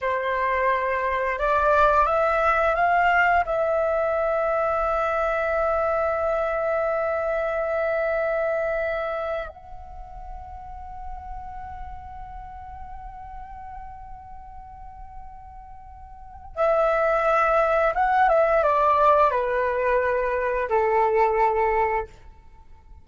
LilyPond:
\new Staff \with { instrumentName = "flute" } { \time 4/4 \tempo 4 = 87 c''2 d''4 e''4 | f''4 e''2.~ | e''1~ | e''4.~ e''16 fis''2~ fis''16~ |
fis''1~ | fis''1 | e''2 fis''8 e''8 d''4 | b'2 a'2 | }